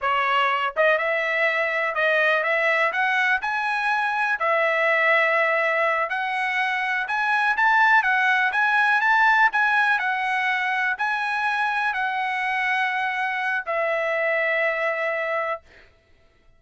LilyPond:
\new Staff \with { instrumentName = "trumpet" } { \time 4/4 \tempo 4 = 123 cis''4. dis''8 e''2 | dis''4 e''4 fis''4 gis''4~ | gis''4 e''2.~ | e''8 fis''2 gis''4 a''8~ |
a''8 fis''4 gis''4 a''4 gis''8~ | gis''8 fis''2 gis''4.~ | gis''8 fis''2.~ fis''8 | e''1 | }